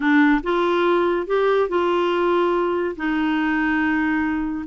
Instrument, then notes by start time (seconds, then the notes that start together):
clarinet
0.00 D4
0.43 F4
1.26 G4
1.68 F4
2.96 D#4